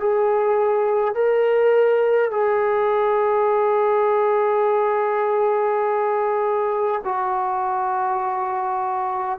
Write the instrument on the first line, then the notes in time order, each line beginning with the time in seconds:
trombone
0.00 G#4
1.15 A#4
2.31 G#4
7.04 F#4